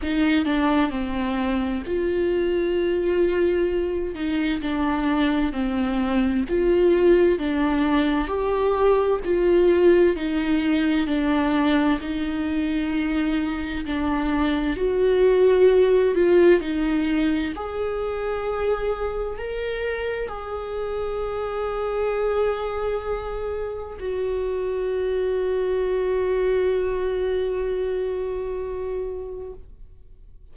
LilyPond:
\new Staff \with { instrumentName = "viola" } { \time 4/4 \tempo 4 = 65 dis'8 d'8 c'4 f'2~ | f'8 dis'8 d'4 c'4 f'4 | d'4 g'4 f'4 dis'4 | d'4 dis'2 d'4 |
fis'4. f'8 dis'4 gis'4~ | gis'4 ais'4 gis'2~ | gis'2 fis'2~ | fis'1 | }